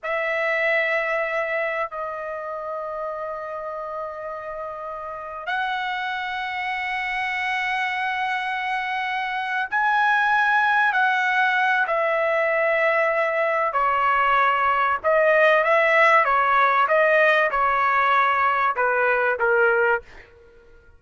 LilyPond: \new Staff \with { instrumentName = "trumpet" } { \time 4/4 \tempo 4 = 96 e''2. dis''4~ | dis''1~ | dis''8. fis''2.~ fis''16~ | fis''2.~ fis''8 gis''8~ |
gis''4. fis''4. e''4~ | e''2 cis''2 | dis''4 e''4 cis''4 dis''4 | cis''2 b'4 ais'4 | }